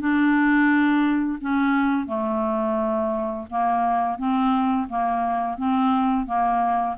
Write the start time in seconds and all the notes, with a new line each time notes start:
0.00 D4
1.41 C#4
2.07 A3
3.51 A#3
4.19 C4
4.89 A#3
5.58 C4
6.27 A#3